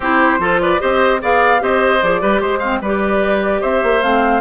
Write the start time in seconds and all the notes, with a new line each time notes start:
0.00 C4 E4 G4 C5
0.39 F3 F4 A4
0.61 B4 D5
0.79 C4 G4 C5 D#5
1.21 B3 G#4 D5 F5
1.59 C4 G4 C5 D#5
2.02 F3 G#4 D5
2.20 G3 G4 B4
2.40 G#3 C5
2.58 C4 F5
2.80 G3 G4 B4 D5
3.61 C4 C5 E5
3.83 A#3
4.02 A3 C4 F5